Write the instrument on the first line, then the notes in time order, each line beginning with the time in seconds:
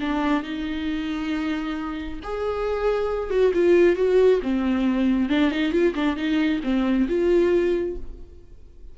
viola
0.00 D4
0.43 D#4
2.23 G#4
3.30 F#4
3.54 F4
3.96 F#4
4.42 C4
5.29 D4
5.51 D#4
5.72 F4
5.95 D4
6.16 D#4
6.63 C4
7.08 F4